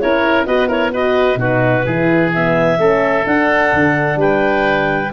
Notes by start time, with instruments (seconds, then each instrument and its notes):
0.00 tuba C#4, horn E4, oboe A#4, clarinet C#5
0.46 tuba B3, horn F#4, oboe B4, clarinet D#5
0.68 horn E4, oboe A#4, clarinet C#5
0.92 horn F#4, oboe B4, clarinet D#5
1.36 tuba B2, horn D#4, oboe F#4, clarinet B4
1.86 tuba E3, horn E4, oboe G#4
2.34 horn B3, clarinet E5
2.78 tuba A3, horn C#4, oboe A4
3.25 horn D4, tuba D4, clarinet F#5
3.73 tuba D3
4.16 tuba G3, oboe B4, clarinet G5